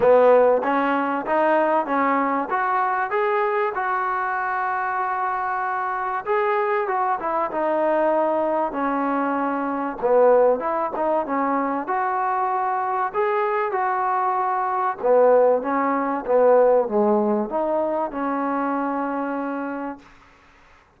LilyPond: \new Staff \with { instrumentName = "trombone" } { \time 4/4 \tempo 4 = 96 b4 cis'4 dis'4 cis'4 | fis'4 gis'4 fis'2~ | fis'2 gis'4 fis'8 e'8 | dis'2 cis'2 |
b4 e'8 dis'8 cis'4 fis'4~ | fis'4 gis'4 fis'2 | b4 cis'4 b4 gis4 | dis'4 cis'2. | }